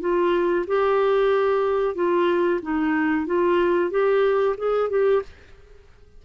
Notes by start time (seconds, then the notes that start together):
0.00 F4
0.67 G4
1.95 F4
2.62 D#4
3.26 F4
3.90 G4
4.57 G#4
4.89 G4